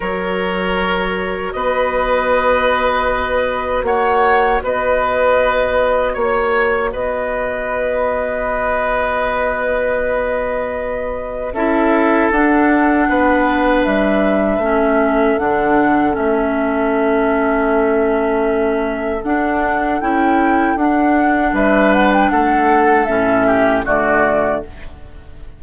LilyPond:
<<
  \new Staff \with { instrumentName = "flute" } { \time 4/4 \tempo 4 = 78 cis''2 dis''2~ | dis''4 fis''4 dis''2 | cis''4 dis''2.~ | dis''2. e''4 |
fis''2 e''2 | fis''4 e''2.~ | e''4 fis''4 g''4 fis''4 | e''8 fis''16 g''16 fis''4 e''4 d''4 | }
  \new Staff \with { instrumentName = "oboe" } { \time 4/4 ais'2 b'2~ | b'4 cis''4 b'2 | cis''4 b'2.~ | b'2. a'4~ |
a'4 b'2 a'4~ | a'1~ | a'1 | b'4 a'4. g'8 fis'4 | }
  \new Staff \with { instrumentName = "clarinet" } { \time 4/4 fis'1~ | fis'1~ | fis'1~ | fis'2. e'4 |
d'2. cis'4 | d'4 cis'2.~ | cis'4 d'4 e'4 d'4~ | d'2 cis'4 a4 | }
  \new Staff \with { instrumentName = "bassoon" } { \time 4/4 fis2 b2~ | b4 ais4 b2 | ais4 b2.~ | b2. cis'4 |
d'4 b4 g4 a4 | d4 a2.~ | a4 d'4 cis'4 d'4 | g4 a4 a,4 d4 | }
>>